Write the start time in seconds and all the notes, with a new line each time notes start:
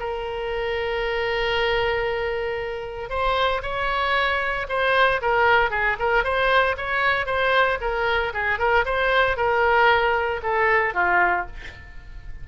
0.00 A#4
3.10 C5
3.63 C#5
4.69 C5
5.22 A#4
5.71 G#4
6.00 A#4
6.24 C5
6.78 C#5
7.26 C5
7.81 A#4
8.34 G#4
8.59 A#4
8.86 C5
9.37 A#4
10.43 A4
10.94 F4